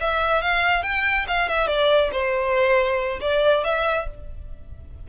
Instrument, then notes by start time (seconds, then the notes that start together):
violin
0.00 E5
0.41 F5
0.82 G5
1.27 F5
1.48 E5
1.67 D5
2.12 C5
3.21 D5
3.64 E5